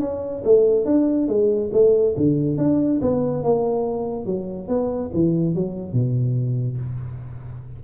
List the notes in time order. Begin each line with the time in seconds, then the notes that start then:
0.00 C#4
0.44 A3
0.85 D4
1.28 G#3
1.73 A3
2.17 D3
2.58 D4
3.01 B3
3.43 A#3
4.26 F#3
4.68 B3
5.13 E3
5.55 F#3
5.93 B2